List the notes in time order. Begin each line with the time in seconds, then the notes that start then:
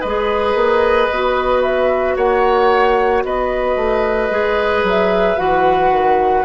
0.00 G#3 G#4 B4 D#5
0.54 A#3
1.10 B3 F#4
1.62 E5
2.16 A#3 C#5 F#5
3.23 B3 B4 D#5
3.75 A3
4.30 G#3 G#4
4.83 F#3 E5
5.37 E3 F#4 F#5
5.91 D#3